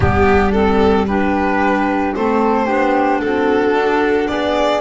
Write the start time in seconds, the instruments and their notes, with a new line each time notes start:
0.00 double bass G3, clarinet B3, flute D4, violin G4
0.52 clarinet C4, violin A4
1.06 clarinet D4, flute G4, violin B4
2.15 double bass A3, clarinet C4, flute A4, violin C5
2.66 double bass B3, clarinet D4, flute G4
3.20 double bass C4, flute F#4, violin A4
3.73 double bass D4
4.27 double bass B3, flute G#4, violin D5